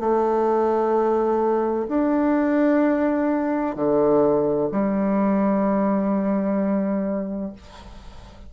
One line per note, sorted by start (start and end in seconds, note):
0.00 1.87 A3
1.89 3.76 D4
3.76 4.70 D3
4.72 7.53 G3